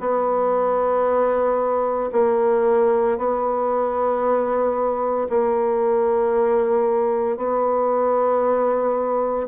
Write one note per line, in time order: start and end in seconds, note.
0.00 2.11 B3
2.13 3.18 A#3
3.18 5.29 B3
5.30 7.37 A#3
7.37 9.48 B3